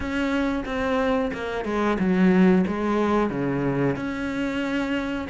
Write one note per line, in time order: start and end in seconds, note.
0.00 0.64 C#4
0.65 1.31 C4
1.33 1.64 A#3
1.64 1.97 G#3
1.99 2.65 F#3
2.67 3.30 G#3
3.30 3.96 C#3
3.96 5.27 C#4